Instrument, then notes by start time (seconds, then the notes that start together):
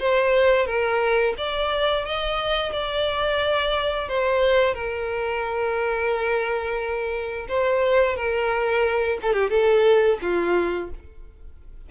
violin
0.00 C5
0.66 A#4
1.38 D5
2.05 D#5
2.73 D5
4.09 C5
4.74 A#4
7.49 C5
8.16 A#4
9.22 A4
9.34 G4
9.51 A4
10.22 F4